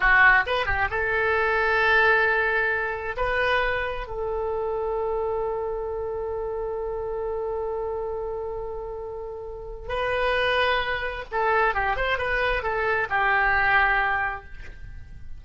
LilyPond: \new Staff \with { instrumentName = "oboe" } { \time 4/4 \tempo 4 = 133 fis'4 b'8 g'8 a'2~ | a'2. b'4~ | b'4 a'2.~ | a'1~ |
a'1~ | a'2 b'2~ | b'4 a'4 g'8 c''8 b'4 | a'4 g'2. | }